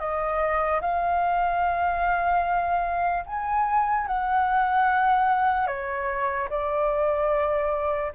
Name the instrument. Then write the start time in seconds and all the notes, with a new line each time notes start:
flute
0.00 D#5
0.81 F5
3.27 G#5
4.08 F#5
5.68 C#5
6.50 D5